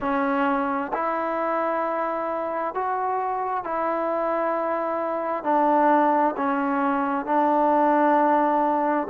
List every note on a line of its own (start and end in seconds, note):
0.00 0.91 C#4
0.93 2.74 E4
2.74 3.64 F#4
3.64 5.43 E4
5.43 6.34 D4
6.36 7.25 C#4
7.25 9.07 D4